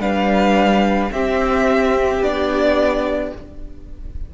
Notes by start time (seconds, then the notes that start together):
0.00 G3 D4 B4 F5
1.12 C4 G4 E5
2.22 B3 D4 D5